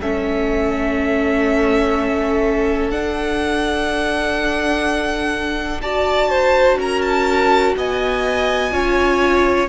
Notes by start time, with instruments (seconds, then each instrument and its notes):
0.00 cello A3, viola C#4, violin A4 E5
2.90 cello D4, viola D4, violin F#5
5.82 viola F#4, violin D5 A5
6.29 violin C5
6.77 cello C#4, violin A#4 A#5
7.01 violin A5
7.76 cello B3, violin D#5 G#5
8.71 cello C#4, viola F4, violin C#5